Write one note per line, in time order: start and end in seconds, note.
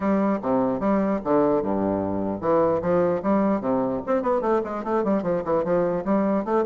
0.00 0.39 G3
0.41 0.79 C3
0.79 1.20 G3
1.24 1.62 D3
1.62 2.41 G2
2.41 2.81 E3
2.81 3.21 F3
3.23 3.61 G3
3.61 4.01 C3
4.06 4.22 C4
4.22 4.41 B3
4.41 4.61 A3
4.63 4.84 G#3
4.84 5.04 A3
5.04 5.23 G3
5.23 5.43 F3
5.44 5.64 E3
5.64 6.04 F3
6.04 6.44 G3
6.44 6.65 A3